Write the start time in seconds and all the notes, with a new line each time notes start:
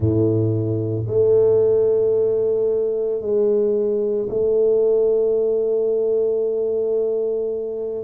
0.00 A2
1.07 A3
3.21 G#3
4.29 A3